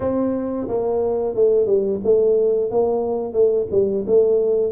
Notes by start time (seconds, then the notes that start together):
0.00 C4
0.67 A#3
1.35 A3
1.66 G3
2.04 A3
2.70 A#3
3.33 A3
3.71 G3
4.06 A3